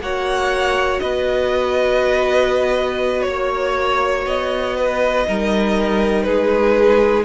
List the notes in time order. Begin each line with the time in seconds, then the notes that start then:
0.00 A#3 F#4 C#5 F#5
1.00 B3 B4 D#5
3.22 A#3 C#5
3.28 C#5
4.26 B3 D#5
4.77 B4
5.26 G3 D#4 A#4
6.23 G#3 G#4 B4